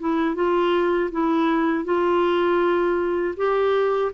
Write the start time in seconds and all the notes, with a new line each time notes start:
0.00 E4
0.35 F4
1.11 E4
1.84 F4
3.37 G4